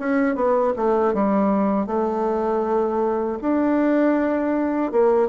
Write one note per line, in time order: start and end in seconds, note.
0.00 0.36 C#4
0.36 0.74 B3
0.77 1.14 A3
1.14 1.87 G3
1.87 3.39 A3
3.42 4.92 D4
4.92 5.29 A#3